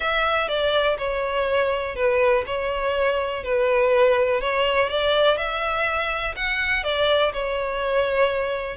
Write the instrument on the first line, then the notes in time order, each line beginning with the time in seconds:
violin
0.00 E5
0.48 D5
0.98 C#5
1.95 B4
2.46 C#5
3.43 B4
4.41 C#5
4.89 D5
5.37 E5
6.35 F#5
6.83 D5
7.33 C#5